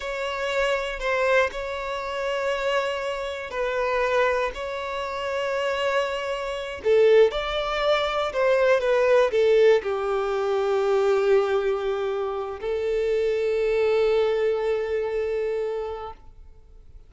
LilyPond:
\new Staff \with { instrumentName = "violin" } { \time 4/4 \tempo 4 = 119 cis''2 c''4 cis''4~ | cis''2. b'4~ | b'4 cis''2.~ | cis''4. a'4 d''4.~ |
d''8 c''4 b'4 a'4 g'8~ | g'1~ | g'4 a'2.~ | a'1 | }